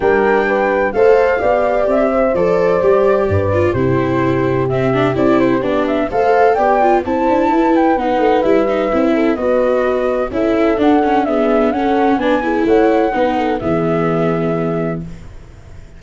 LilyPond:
<<
  \new Staff \with { instrumentName = "flute" } { \time 4/4 \tempo 4 = 128 g''2 f''2 | e''4 d''2. | c''2 e''4 d''8 c''8 | d''8 e''8 f''4 g''4 a''4~ |
a''8 g''8 fis''4 e''2 | dis''2 e''4 fis''4 | e''4 fis''4 gis''4 fis''4~ | fis''4 e''2. | }
  \new Staff \with { instrumentName = "horn" } { \time 4/4 ais'4 b'4 c''4 d''4~ | d''8 c''2~ c''8 b'4 | g'1~ | g'4 c''4 d''4 c''4 |
b'2.~ b'8 a'8 | b'2 a'2 | gis'4 a'4 b'8 gis'8 cis''4 | b'8 a'8 gis'2. | }
  \new Staff \with { instrumentName = "viola" } { \time 4/4 d'2 a'4 g'4~ | g'4 a'4 g'4. f'8 | e'2 c'8 d'8 e'4 | d'4 a'4 g'8 f'8 e'4~ |
e'4 dis'4 e'8 dis'8 e'4 | fis'2 e'4 d'8 cis'8 | b4 cis'4 d'8 e'4. | dis'4 b2. | }
  \new Staff \with { instrumentName = "tuba" } { \time 4/4 g2 a4 b4 | c'4 f4 g4 g,4 | c2. c'4 | b4 a4 b4 c'8 d'8 |
e'4 b8 a8 g4 c'4 | b2 cis'4 d'4~ | d'4 cis'4 b4 a4 | b4 e2. | }
>>